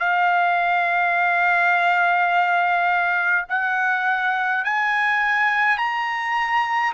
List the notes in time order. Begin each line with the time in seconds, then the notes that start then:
0.00 F5
3.49 F#5
4.65 G#5
5.78 A#5